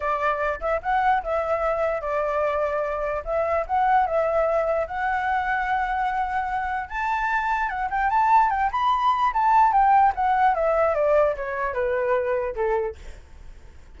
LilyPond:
\new Staff \with { instrumentName = "flute" } { \time 4/4 \tempo 4 = 148 d''4. e''8 fis''4 e''4~ | e''4 d''2. | e''4 fis''4 e''2 | fis''1~ |
fis''4 a''2 fis''8 g''8 | a''4 g''8 b''4. a''4 | g''4 fis''4 e''4 d''4 | cis''4 b'2 a'4 | }